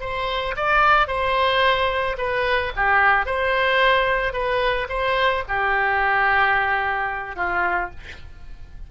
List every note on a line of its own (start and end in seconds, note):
0.00 0.55 C5
0.56 1.07 D5
1.07 2.16 C5
2.17 2.72 B4
2.76 3.26 G4
3.26 4.33 C5
4.33 4.87 B4
4.89 5.43 C5
5.48 7.36 G4
7.36 7.90 F4